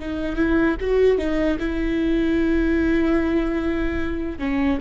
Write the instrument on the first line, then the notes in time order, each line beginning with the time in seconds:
viola
0.00 D#4
0.36 E4
0.81 F#4
1.19 D#4
1.60 E4
4.39 C#4